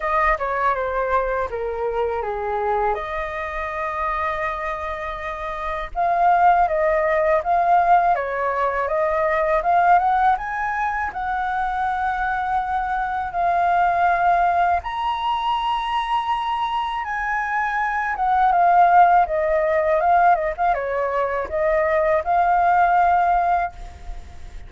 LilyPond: \new Staff \with { instrumentName = "flute" } { \time 4/4 \tempo 4 = 81 dis''8 cis''8 c''4 ais'4 gis'4 | dis''1 | f''4 dis''4 f''4 cis''4 | dis''4 f''8 fis''8 gis''4 fis''4~ |
fis''2 f''2 | ais''2. gis''4~ | gis''8 fis''8 f''4 dis''4 f''8 dis''16 f''16 | cis''4 dis''4 f''2 | }